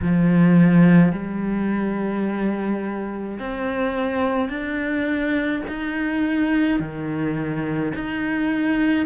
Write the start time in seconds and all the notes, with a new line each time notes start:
0.02 F3
1.12 G3
3.39 C4
4.49 D4
5.68 D#4
6.79 D#3
7.95 D#4